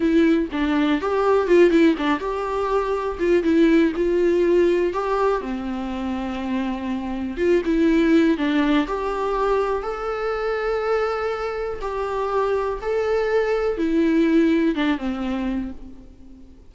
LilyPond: \new Staff \with { instrumentName = "viola" } { \time 4/4 \tempo 4 = 122 e'4 d'4 g'4 f'8 e'8 | d'8 g'2 f'8 e'4 | f'2 g'4 c'4~ | c'2. f'8 e'8~ |
e'4 d'4 g'2 | a'1 | g'2 a'2 | e'2 d'8 c'4. | }